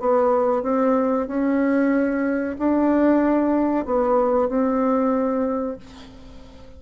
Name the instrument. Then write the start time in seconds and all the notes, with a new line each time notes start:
bassoon
0.00 B3
0.63 C4
1.27 C#4
2.59 D4
3.85 B3
4.49 C4